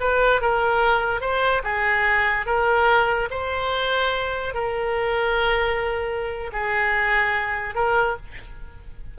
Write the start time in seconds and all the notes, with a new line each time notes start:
0.00 B4
0.41 A#4
1.21 C5
1.64 G#4
2.46 A#4
3.30 C5
4.54 A#4
6.52 G#4
7.75 A#4